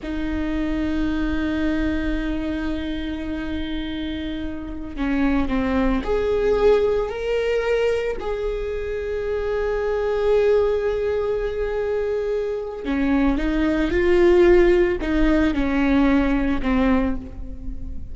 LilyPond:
\new Staff \with { instrumentName = "viola" } { \time 4/4 \tempo 4 = 112 dis'1~ | dis'1~ | dis'4~ dis'16 cis'4 c'4 gis'8.~ | gis'4~ gis'16 ais'2 gis'8.~ |
gis'1~ | gis'1 | cis'4 dis'4 f'2 | dis'4 cis'2 c'4 | }